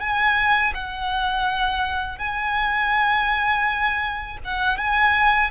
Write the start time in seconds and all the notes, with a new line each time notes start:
0.00 G#5
0.75 F#5
2.19 G#5
4.44 F#5
4.78 G#5